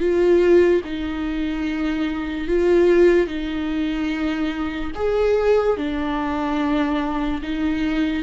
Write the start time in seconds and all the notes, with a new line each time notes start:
0.00 F4
0.85 D#4
2.48 F4
3.27 D#4
4.95 G#4
5.77 D4
7.42 D#4